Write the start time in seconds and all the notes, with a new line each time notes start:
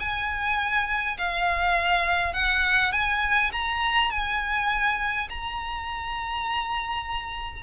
0.00 G#5
1.18 F5
2.34 F#5
2.93 G#5
3.53 A#5
4.11 G#5
5.30 A#5